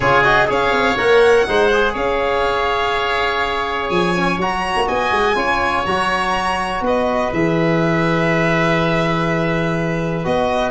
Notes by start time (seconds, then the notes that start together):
0.00 C#3 F4 G#4 C#5
0.23 F#4 D#5
0.46 C#4 G#4 C#5 F5
0.71 C4
0.97 A#3 A#4 F#5
1.46 G#3 D#4 C5
1.72 G#4
1.92 C#4 C#5 F5
3.89 F3 G#5
4.16 C#4
4.37 F#3 F#4 A#5
4.76 A#3
4.87 B3 D#5 G#5
5.11 G#3
5.35 C#4 F4 C#5
5.85 F#3 F#4 A#5
6.81 B3 B4 D#5
7.32 E3 G#4 E5
10.24 B3 F#4 D#5